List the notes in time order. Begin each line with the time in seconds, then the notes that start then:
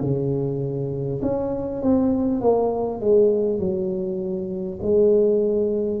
0.00 C#3
1.22 C#4
1.82 C4
2.41 A#3
3.00 G#3
3.59 F#3
4.82 G#3